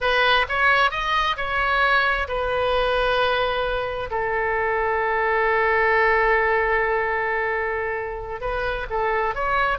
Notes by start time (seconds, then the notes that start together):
0.00 B4
0.48 C#5
0.90 D#5
1.36 C#5
2.28 B4
4.10 A4
8.40 B4
8.90 A4
9.35 C#5